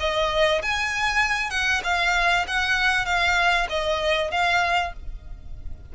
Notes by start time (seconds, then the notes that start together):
0.00 D#5
0.62 G#5
1.50 F#5
1.84 F5
2.47 F#5
3.05 F5
3.69 D#5
4.31 F5